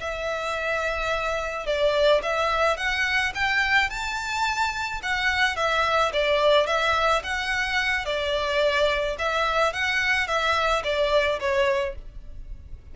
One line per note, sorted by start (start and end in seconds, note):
0.00 1.66 E5
1.66 2.21 D5
2.22 2.77 E5
2.77 3.32 F#5
3.35 3.89 G5
3.89 5.01 A5
5.03 5.56 F#5
5.56 6.12 E5
6.13 6.66 D5
6.66 7.22 E5
7.23 8.05 F#5
8.05 9.16 D5
9.18 9.73 E5
9.73 10.27 F#5
10.27 10.83 E5
10.84 11.39 D5
11.39 11.95 C#5